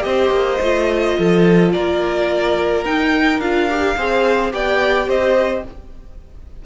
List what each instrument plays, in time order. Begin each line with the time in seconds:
0.00 cello C4, viola G4, violin D#5
0.06 violin C5
0.30 cello A#3
0.61 cello A3, viola F4
1.18 cello F3, violin A4
1.72 cello A#3, violin A#4 D5
2.85 viola D#4, cello D#4, violin G5
3.39 cello D4, viola F4, violin F5
3.69 viola G4
3.96 cello C4, viola G#4, violin C5
4.51 cello B3, viola G4, violin D5 G5
5.07 cello C4, violin C5 D#5